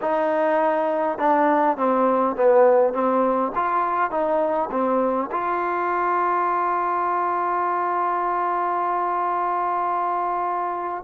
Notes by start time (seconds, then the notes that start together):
0.01 D#4
1.18 D4
1.77 C4
2.36 B3
2.93 C4
3.55 F4
4.10 D#4
4.71 C4
5.31 F4